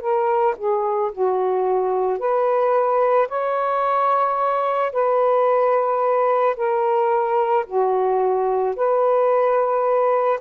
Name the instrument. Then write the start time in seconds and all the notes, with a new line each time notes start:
saxophone
0.00 A#4
0.57 G#4
1.12 F#4
2.18 B4
3.28 C#5
4.92 B4
6.56 A#4
7.66 F#4
8.75 B4